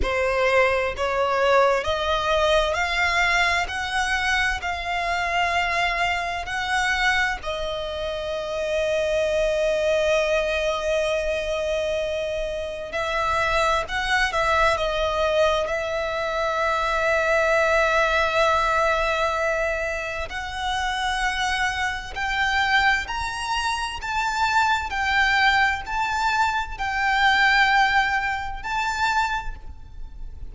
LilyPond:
\new Staff \with { instrumentName = "violin" } { \time 4/4 \tempo 4 = 65 c''4 cis''4 dis''4 f''4 | fis''4 f''2 fis''4 | dis''1~ | dis''2 e''4 fis''8 e''8 |
dis''4 e''2.~ | e''2 fis''2 | g''4 ais''4 a''4 g''4 | a''4 g''2 a''4 | }